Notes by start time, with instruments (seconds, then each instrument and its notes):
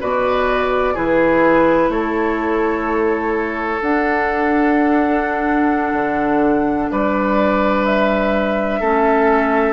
0.00 bassoon B2, clarinet F#4, oboe B4, flute D5
0.95 bassoon E3, clarinet E4, oboe G#4, flute B4
1.89 bassoon A3, oboe A4, flute C#5
3.82 bassoon D4, clarinet D4, flute F#5
5.93 bassoon D3
6.91 bassoon G3, oboe B4, flute D5
7.86 flute E5
8.80 bassoon A3, clarinet C#4, oboe A4